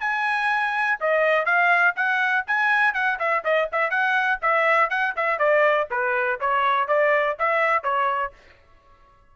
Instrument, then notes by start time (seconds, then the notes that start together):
trumpet
0.00 G#5
1.00 D#5
1.45 F5
1.95 F#5
2.47 G#5
2.94 F#5
3.19 E5
3.44 D#5
3.72 E5
3.90 F#5
4.41 E5
4.89 F#5
5.16 E5
5.38 D5
5.90 B4
6.40 C#5
6.87 D5
7.38 E5
7.83 C#5